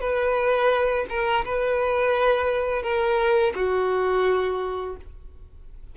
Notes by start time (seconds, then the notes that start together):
0.00 B4
1.09 A#4
1.45 B4
2.82 A#4
3.55 F#4